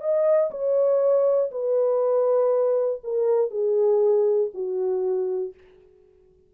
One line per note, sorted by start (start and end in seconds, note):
0.00 0.50 D#5
0.50 1.50 C#5
1.51 3.01 B4
3.03 3.50 A#4
3.50 4.50 G#4
4.54 5.54 F#4